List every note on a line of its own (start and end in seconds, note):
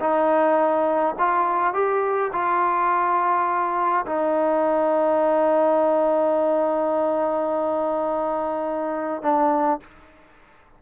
0.00 1.15 D#4
1.18 1.73 F4
1.73 2.31 G4
2.32 4.05 F4
4.06 9.22 D#4
9.22 9.80 D4